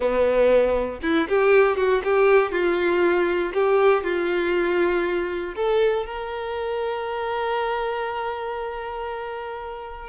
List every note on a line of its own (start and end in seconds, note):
0.00 0.99 B3
1.02 1.27 E4
1.28 1.76 G4
1.76 2.01 F#4
2.04 2.51 G4
2.51 3.52 F4
3.53 4.03 G4
4.03 5.55 F4
5.55 6.05 A4
6.05 10.09 A#4